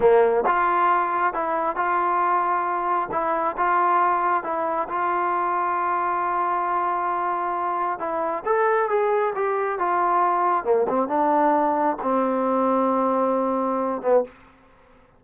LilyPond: \new Staff \with { instrumentName = "trombone" } { \time 4/4 \tempo 4 = 135 ais4 f'2 e'4 | f'2. e'4 | f'2 e'4 f'4~ | f'1~ |
f'2 e'4 a'4 | gis'4 g'4 f'2 | ais8 c'8 d'2 c'4~ | c'2.~ c'8 b8 | }